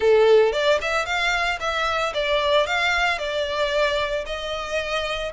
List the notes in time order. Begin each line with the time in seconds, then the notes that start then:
0.00 A4
0.52 D5
0.81 E5
1.05 F5
1.60 E5
2.14 D5
2.66 F5
3.18 D5
4.26 D#5